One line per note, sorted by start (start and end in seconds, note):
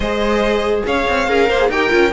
0.00 0.82 G#3
0.00 1.29 G#4
0.00 0.84 C5
0.00 0.83 D#5
0.86 1.07 C#4
0.86 1.28 C#5
0.86 1.70 F5
1.08 1.28 C4
1.28 1.49 C#4
1.28 1.48 G#4
1.28 1.59 A#4
1.48 1.69 A#3
1.48 1.69 C5
1.59 1.70 G#4
1.69 1.90 D#4
1.69 1.90 G4
1.69 2.12 A#4
1.69 2.12 G5
1.90 2.12 C#4
1.90 2.11 F4